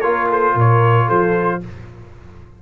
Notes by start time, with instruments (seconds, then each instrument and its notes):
0.00 tuba A#3, trombone F4, horn A#4, trumpet C#5
0.29 horn A4, trumpet C5
0.54 tuba A#2, horn A#4, trumpet C#5
1.07 tuba F3, horn A4, trumpet C5